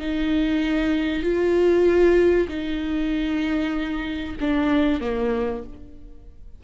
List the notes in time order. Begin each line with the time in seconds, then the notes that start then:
0.00 D#4
1.23 F4
2.49 D#4
4.41 D4
5.01 A#3